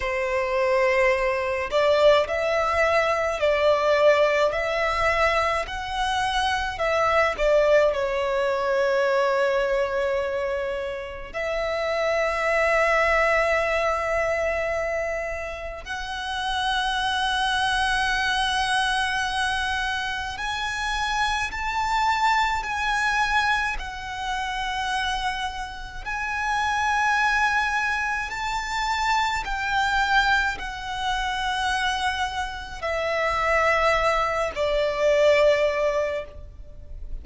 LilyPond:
\new Staff \with { instrumentName = "violin" } { \time 4/4 \tempo 4 = 53 c''4. d''8 e''4 d''4 | e''4 fis''4 e''8 d''8 cis''4~ | cis''2 e''2~ | e''2 fis''2~ |
fis''2 gis''4 a''4 | gis''4 fis''2 gis''4~ | gis''4 a''4 g''4 fis''4~ | fis''4 e''4. d''4. | }